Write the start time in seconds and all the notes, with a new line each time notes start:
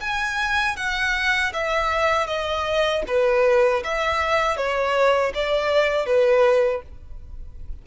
0.00 G#5
0.76 F#5
1.53 E5
2.27 D#5
3.07 B4
3.84 E5
4.56 C#5
5.34 D5
6.06 B4